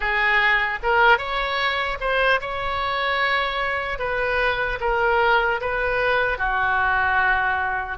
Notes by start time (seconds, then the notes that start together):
0.00 G#4
0.83 A#4
1.18 C#5
2.00 C5
2.40 C#5
3.99 B4
4.80 A#4
5.60 B4
6.37 F#4